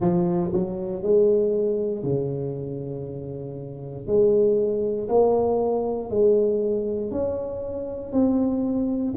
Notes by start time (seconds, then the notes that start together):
0.00 F3
0.52 F#3
1.03 G#3
2.03 C#3
4.06 G#3
5.08 A#3
6.10 G#3
7.11 C#4
8.12 C4